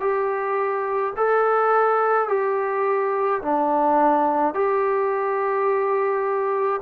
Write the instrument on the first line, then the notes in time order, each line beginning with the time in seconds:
trombone
0.00 G4
1.16 A4
2.28 G4
3.41 D4
4.54 G4